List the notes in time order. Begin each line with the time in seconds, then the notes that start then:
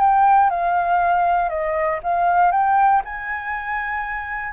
0.00 G5
0.50 F5
1.49 D#5
2.04 F5
2.52 G5
3.05 G#5